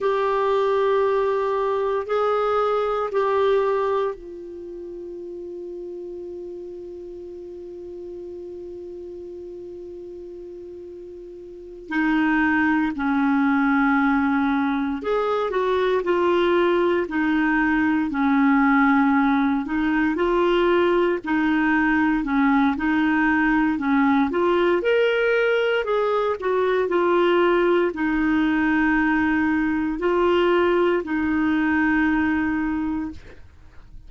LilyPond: \new Staff \with { instrumentName = "clarinet" } { \time 4/4 \tempo 4 = 58 g'2 gis'4 g'4 | f'1~ | f'2.~ f'8 dis'8~ | dis'8 cis'2 gis'8 fis'8 f'8~ |
f'8 dis'4 cis'4. dis'8 f'8~ | f'8 dis'4 cis'8 dis'4 cis'8 f'8 | ais'4 gis'8 fis'8 f'4 dis'4~ | dis'4 f'4 dis'2 | }